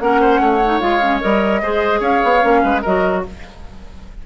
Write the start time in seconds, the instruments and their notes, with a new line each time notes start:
0.00 bassoon A#3, clarinet C#4, oboe A#4, flute F#5
0.21 oboe C5
0.40 bassoon A3, oboe C#5
0.65 clarinet D#4
0.80 bassoon G#3, clarinet F4, flute F5
1.01 clarinet C#4
1.20 bassoon G3, clarinet A#4, flute D#5
1.62 bassoon G#3, clarinet G#4, oboe C5
2.00 bassoon C#4, oboe C#5, flute F5
2.23 bassoon B3
2.41 bassoon A#3, clarinet C#4
2.63 bassoon G#3, oboe B4
2.82 bassoon F#3, clarinet F#4, oboe A#4, flute D#5